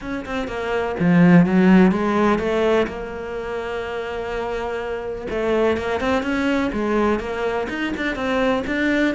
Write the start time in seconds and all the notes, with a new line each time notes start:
0.01 C#4
0.25 C4
0.47 A#3
0.99 F3
1.46 F#3
1.91 G#3
2.39 A3
2.87 A#3
5.30 A3
5.77 A#3
6.00 C4
6.23 C#4
6.72 G#3
7.19 A#3
7.69 D#4
7.97 D4
8.15 C4
8.66 D4